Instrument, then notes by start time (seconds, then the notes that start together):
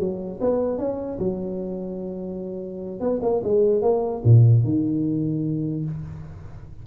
tuba
0.00 F#3
0.41 B3
0.79 C#4
1.20 F#3
3.01 B3
3.23 A#3
3.44 G#3
3.82 A#3
4.24 A#2
4.65 D#3